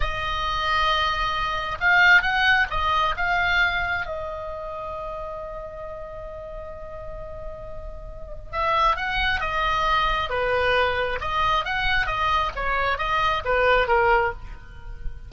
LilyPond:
\new Staff \with { instrumentName = "oboe" } { \time 4/4 \tempo 4 = 134 dis''1 | f''4 fis''4 dis''4 f''4~ | f''4 dis''2.~ | dis''1~ |
dis''2. e''4 | fis''4 dis''2 b'4~ | b'4 dis''4 fis''4 dis''4 | cis''4 dis''4 b'4 ais'4 | }